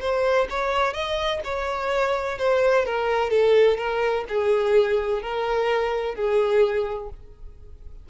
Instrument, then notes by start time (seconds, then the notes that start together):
violin
0.00 C5
0.50 C#5
0.93 D#5
1.44 C#5
2.38 C5
2.85 A#4
3.30 A4
3.77 A#4
4.29 G#4
5.22 A#4
6.15 G#4